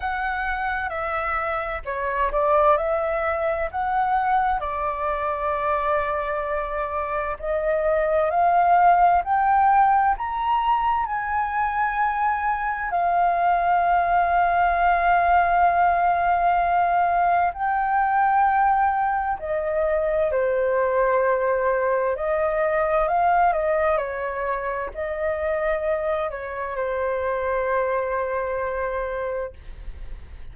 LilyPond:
\new Staff \with { instrumentName = "flute" } { \time 4/4 \tempo 4 = 65 fis''4 e''4 cis''8 d''8 e''4 | fis''4 d''2. | dis''4 f''4 g''4 ais''4 | gis''2 f''2~ |
f''2. g''4~ | g''4 dis''4 c''2 | dis''4 f''8 dis''8 cis''4 dis''4~ | dis''8 cis''8 c''2. | }